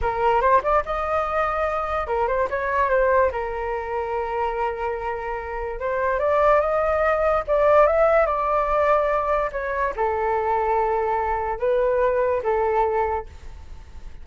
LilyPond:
\new Staff \with { instrumentName = "flute" } { \time 4/4 \tempo 4 = 145 ais'4 c''8 d''8 dis''2~ | dis''4 ais'8 c''8 cis''4 c''4 | ais'1~ | ais'2 c''4 d''4 |
dis''2 d''4 e''4 | d''2. cis''4 | a'1 | b'2 a'2 | }